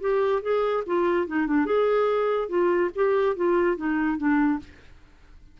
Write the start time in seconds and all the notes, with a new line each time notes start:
0.00 G4
0.42 G#4
0.86 F4
1.27 D#4
1.47 D4
1.65 G#4
2.48 F4
2.95 G4
3.36 F4
3.77 D#4
4.17 D4